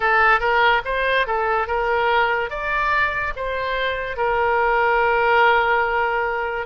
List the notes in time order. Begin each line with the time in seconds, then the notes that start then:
0.00 A4
0.40 A#4
0.84 C5
1.27 A4
1.67 A#4
2.50 D5
3.36 C5
4.17 A#4